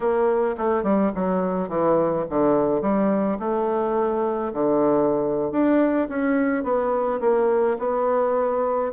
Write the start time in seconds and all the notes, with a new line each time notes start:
0.00 A#3
0.57 A3
0.83 G3
1.14 F#3
1.68 E3
2.29 D3
2.81 G3
3.39 A3
4.53 D3
5.51 D4
6.08 C#4
6.63 B3
7.20 A#3
7.79 B3